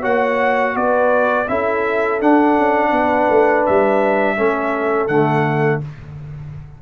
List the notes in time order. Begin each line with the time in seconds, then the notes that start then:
0.00 A#3 F#4 C#5 F#5
0.75 B3 B4 D5
1.48 C#4 E4 A4 E5
2.21 D4 F#5
2.57 C#4
2.89 B3 B4
3.30 A3
3.66 G3 E5
4.36 A3 C#4 A4
5.07 D3 A3 F#5